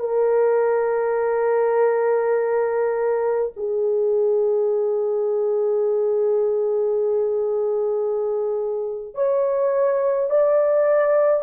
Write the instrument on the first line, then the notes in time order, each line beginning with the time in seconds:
horn
0.00 A#4
3.57 G#4
9.15 C#5
10.30 D5